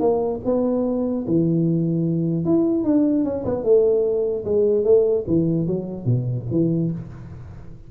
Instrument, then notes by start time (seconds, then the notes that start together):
tuba
0.00 A#3
0.45 B3
1.27 E3
2.45 E4
2.84 D4
3.24 C#4
3.45 B3
3.64 A3
4.45 G#3
4.84 A3
5.27 E3
5.67 F#3
6.05 B2
6.51 E3